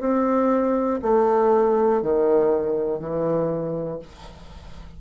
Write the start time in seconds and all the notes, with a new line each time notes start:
0.00 C4
1.02 A3
2.02 D#3
3.00 E3